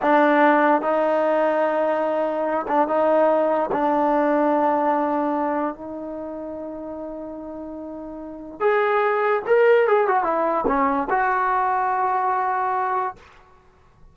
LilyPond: \new Staff \with { instrumentName = "trombone" } { \time 4/4 \tempo 4 = 146 d'2 dis'2~ | dis'2~ dis'8 d'8 dis'4~ | dis'4 d'2.~ | d'2 dis'2~ |
dis'1~ | dis'4 gis'2 ais'4 | gis'8 fis'8 e'4 cis'4 fis'4~ | fis'1 | }